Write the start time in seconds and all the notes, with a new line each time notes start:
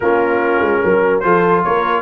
0.00 A#3 C#4 F4 A#4
0.60 G#3
0.84 F#3 A#4
1.19 F3 F4 A4 C5
1.63 A#3 A#4 C#5